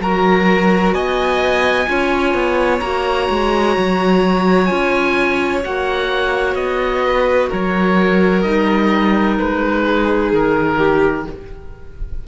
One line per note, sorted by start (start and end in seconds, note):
0.00 0.93 F#3
0.00 1.86 F#4
0.00 0.95 A#4
0.00 0.95 A#5
0.93 1.87 B3
0.93 1.88 D#5
0.93 2.80 G#5
1.86 2.34 C#4
1.86 2.80 F4
1.86 7.06 C#5
2.34 2.81 B3
2.80 3.29 A#3
2.80 4.67 F#4
2.80 4.66 A#5
3.30 3.77 G#3
3.77 4.71 F#3
4.66 5.64 C#4
4.66 5.61 F4
4.66 5.60 G#5
5.63 6.55 A#3
5.63 8.44 F#4
5.63 6.55 F#5
6.55 7.48 B3
6.55 7.49 D#5
7.06 7.49 B4
7.49 8.45 F#3
7.49 9.83 A#4
7.49 8.42 C#5
8.42 9.39 G3
8.42 11.25 D#4
8.42 9.36 D#5
9.38 10.33 G#3
9.38 10.32 B4
9.86 10.78 G#4
10.33 11.26 D#3
10.33 11.28 A#4
10.78 11.24 G4